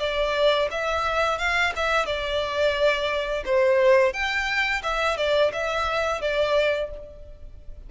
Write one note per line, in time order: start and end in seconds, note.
0.00 0.69 D5
0.71 1.39 E5
1.39 1.73 F5
1.76 2.06 E5
2.06 3.44 D5
3.46 4.13 C5
4.13 4.82 G5
4.83 5.18 E5
5.18 5.52 D5
5.53 6.22 E5
6.22 6.91 D5